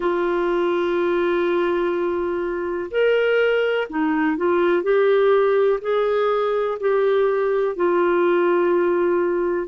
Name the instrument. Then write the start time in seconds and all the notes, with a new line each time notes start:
clarinet
0.00 F4
2.90 A#4
3.89 D#4
4.36 F4
4.83 G4
5.81 G#4
6.80 G4
7.76 F4